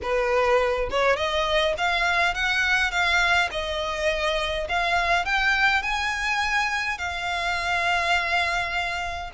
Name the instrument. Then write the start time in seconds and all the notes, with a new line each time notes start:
violin
0.02 B4
0.90 C#5
1.16 D#5
1.77 F5
2.34 F#5
2.91 F5
3.51 D#5
4.69 F5
5.25 G5
5.82 G#5
6.97 F5